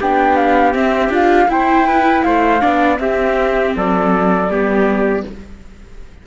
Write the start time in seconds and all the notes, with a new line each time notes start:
0.00 B3 D4 G4 G5
0.36 F5
0.73 C4 E5
1.09 D4 F4 F5
1.48 E4 C5 G5
1.86 B4
2.22 A3 C5 F5
2.60 B3 D4 D5
2.97 C4 G4 E5
3.76 F#3 A4 D5
4.48 G3 B3 G4